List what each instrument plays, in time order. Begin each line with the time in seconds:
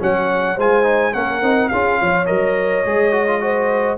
0.00 tuba F#3, trombone C#4, horn C#5, trumpet F#5
0.56 tuba G#3, trombone F4, horn C5, trumpet G#5
0.83 trombone D#4
1.14 tuba A#3, trombone C#4, horn A#4, trumpet F#5
1.42 tuba C4, trombone D#4
1.69 tuba C#4, trombone F4, horn G#4, trumpet F5
2.00 tuba F3, horn C#5
2.27 tuba F#3, trombone A#4, trumpet D#5
2.86 tuba G#3, trombone G#4
3.12 trombone F#4
3.28 trombone F4
3.41 trombone F#4, horn C5